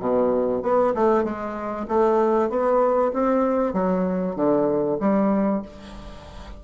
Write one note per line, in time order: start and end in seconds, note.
0.00 0.62 B2
0.62 0.94 B3
0.95 1.24 A3
1.24 1.86 G#3
1.88 2.50 A3
2.50 3.12 B3
3.13 3.73 C4
3.73 4.36 F#3
4.36 4.98 D3
5.00 5.62 G3